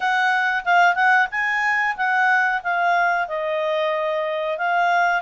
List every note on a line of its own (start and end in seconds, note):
0.00 0.64 F#5
0.64 0.95 F5
0.95 1.27 F#5
1.31 1.96 G#5
1.97 2.62 F#5
2.63 3.28 F5
3.28 4.57 D#5
4.57 5.21 F5